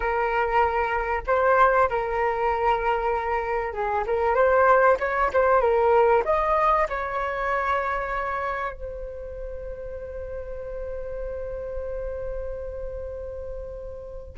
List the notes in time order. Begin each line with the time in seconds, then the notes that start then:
0.00 A#4
1.26 C5
1.89 A#4
3.73 G#4
4.06 A#4
4.34 C5
4.99 C#5
5.33 C5
5.61 A#4
6.24 D#5
6.89 C#5
8.72 C5